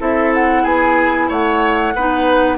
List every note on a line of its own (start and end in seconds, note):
0.00 0.65 C4
0.00 1.94 E4
0.00 0.63 A4
0.00 0.34 E5
0.35 0.66 F#5
0.63 1.29 B3
0.63 1.27 G#4
0.63 1.30 G#5
1.29 1.95 A3
1.29 1.94 C#5
1.29 2.58 F#5
1.95 2.58 B3
1.95 2.58 D#4
1.95 2.58 B4